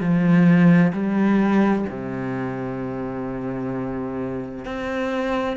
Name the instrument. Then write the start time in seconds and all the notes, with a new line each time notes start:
cello
0.00 F3
0.93 G3
1.90 C3
4.65 C4